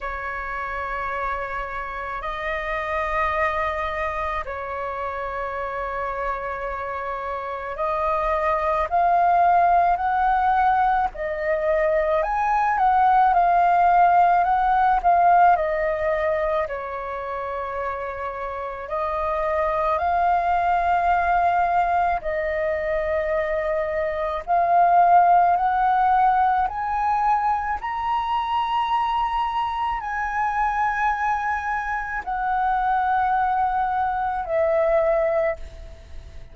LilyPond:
\new Staff \with { instrumentName = "flute" } { \time 4/4 \tempo 4 = 54 cis''2 dis''2 | cis''2. dis''4 | f''4 fis''4 dis''4 gis''8 fis''8 | f''4 fis''8 f''8 dis''4 cis''4~ |
cis''4 dis''4 f''2 | dis''2 f''4 fis''4 | gis''4 ais''2 gis''4~ | gis''4 fis''2 e''4 | }